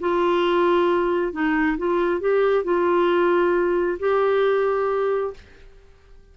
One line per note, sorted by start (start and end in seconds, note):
0.00 1.32 F4
1.32 1.77 D#4
1.77 2.20 F4
2.20 2.64 G4
2.64 3.98 F4
3.99 5.33 G4